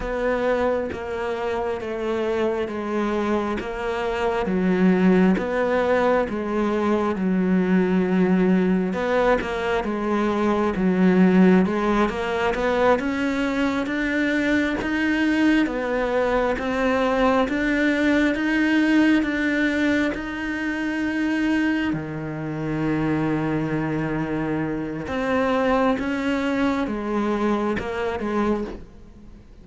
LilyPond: \new Staff \with { instrumentName = "cello" } { \time 4/4 \tempo 4 = 67 b4 ais4 a4 gis4 | ais4 fis4 b4 gis4 | fis2 b8 ais8 gis4 | fis4 gis8 ais8 b8 cis'4 d'8~ |
d'8 dis'4 b4 c'4 d'8~ | d'8 dis'4 d'4 dis'4.~ | dis'8 dis2.~ dis8 | c'4 cis'4 gis4 ais8 gis8 | }